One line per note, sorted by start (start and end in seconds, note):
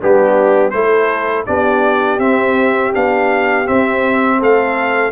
0.00 0.74 G3
0.00 0.74 B3
0.00 0.73 D4
0.00 0.71 G4
0.71 1.47 A3
0.71 1.47 E4
0.71 1.48 A4
0.71 1.44 C5
1.47 2.19 B3
1.47 2.20 D4
1.47 4.39 G4
1.47 2.20 D5
2.19 2.92 C4
2.19 2.93 C4
2.19 2.93 E5
2.94 3.69 B3
2.94 3.66 D4
2.94 3.68 F5
3.66 5.12 C4
3.66 4.41 C4
3.66 4.41 E5
4.39 5.12 A3
4.39 5.12 A4
4.39 5.12 F5